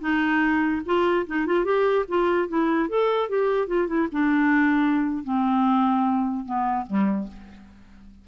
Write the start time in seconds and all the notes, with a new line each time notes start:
0.00 D#4
0.85 F4
1.26 D#4
1.46 F4
1.64 G4
2.08 F4
2.48 E4
2.89 A4
3.29 G4
3.67 F4
3.87 E4
4.11 D4
5.24 C4
6.45 B3
6.86 G3